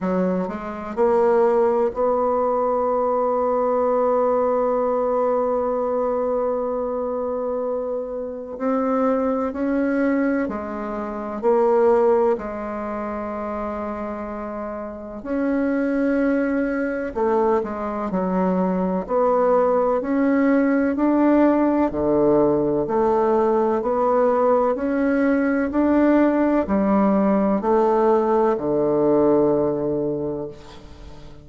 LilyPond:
\new Staff \with { instrumentName = "bassoon" } { \time 4/4 \tempo 4 = 63 fis8 gis8 ais4 b2~ | b1~ | b4 c'4 cis'4 gis4 | ais4 gis2. |
cis'2 a8 gis8 fis4 | b4 cis'4 d'4 d4 | a4 b4 cis'4 d'4 | g4 a4 d2 | }